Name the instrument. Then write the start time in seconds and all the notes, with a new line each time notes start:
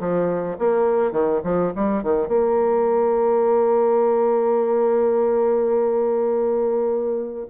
bassoon
0.00 F3
0.59 A#3
1.12 D#3
1.44 F3
1.76 G3
2.03 D#3
2.28 A#3